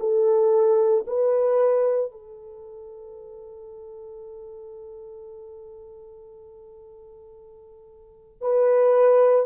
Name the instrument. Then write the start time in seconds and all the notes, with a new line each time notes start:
horn
0.00 A4
1.07 B4
2.11 A4
8.42 B4